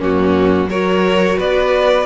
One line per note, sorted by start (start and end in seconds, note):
0.00 0.69 F#2
0.00 0.69 A#3
0.00 0.69 C#4
0.00 0.70 F#4
0.69 1.37 F#3
0.69 2.06 F#4
0.69 1.39 A#4
0.69 1.39 C#5
1.39 2.06 B3
1.39 2.06 B4
1.39 2.06 D5